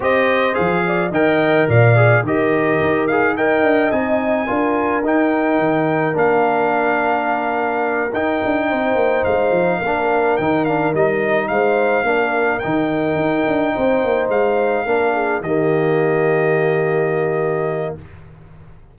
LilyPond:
<<
  \new Staff \with { instrumentName = "trumpet" } { \time 4/4 \tempo 4 = 107 dis''4 f''4 g''4 f''4 | dis''4. f''8 g''4 gis''4~ | gis''4 g''2 f''4~ | f''2~ f''8 g''4.~ |
g''8 f''2 g''8 f''8 dis''8~ | dis''8 f''2 g''4.~ | g''4. f''2 dis''8~ | dis''1 | }
  \new Staff \with { instrumentName = "horn" } { \time 4/4 c''4. d''8 dis''4 d''4 | ais'2 dis''2 | ais'1~ | ais'2.~ ais'8 c''8~ |
c''4. ais'2~ ais'8~ | ais'8 c''4 ais'2~ ais'8~ | ais'8 c''2 ais'8 gis'8 g'8~ | g'1 | }
  \new Staff \with { instrumentName = "trombone" } { \time 4/4 g'4 gis'4 ais'4. gis'8 | g'4. gis'8 ais'4 dis'4 | f'4 dis'2 d'4~ | d'2~ d'8 dis'4.~ |
dis'4. d'4 dis'8 d'8 dis'8~ | dis'4. d'4 dis'4.~ | dis'2~ dis'8 d'4 ais8~ | ais1 | }
  \new Staff \with { instrumentName = "tuba" } { \time 4/4 c'4 f4 dis4 ais,4 | dis4 dis'4. d'8 c'4 | d'4 dis'4 dis4 ais4~ | ais2~ ais8 dis'8 d'8 c'8 |
ais8 gis8 f8 ais4 dis4 g8~ | g8 gis4 ais4 dis4 dis'8 | d'8 c'8 ais8 gis4 ais4 dis8~ | dis1 | }
>>